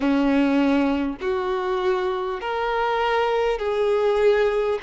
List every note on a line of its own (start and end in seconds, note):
0.00 1.16 C#4
1.20 2.40 F#4
2.41 3.58 A#4
3.58 4.78 G#4